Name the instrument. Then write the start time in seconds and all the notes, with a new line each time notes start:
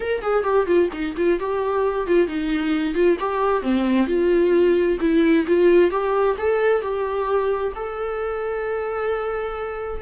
viola
0.00 A#4
0.22 G#4
0.43 G4
0.66 F4
0.92 D#4
1.16 F4
1.39 G4
2.06 F4
2.27 D#4
2.94 F4
3.19 G4
3.62 C4
4.07 F4
5.00 E4
5.47 F4
5.90 G4
6.37 A4
6.81 G4
7.75 A4